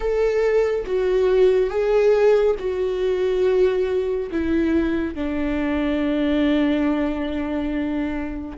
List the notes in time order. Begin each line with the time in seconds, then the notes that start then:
0.00 A4
0.86 F#4
1.69 G#4
2.59 F#4
4.31 E4
5.14 D4